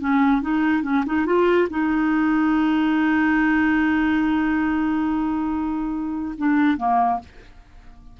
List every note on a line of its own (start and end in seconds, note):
0.00 0.42 C#4
0.42 0.83 D#4
0.83 1.04 C#4
1.06 1.26 D#4
1.26 1.68 F4
1.70 6.35 D#4
6.37 6.77 D4
6.77 7.19 A#3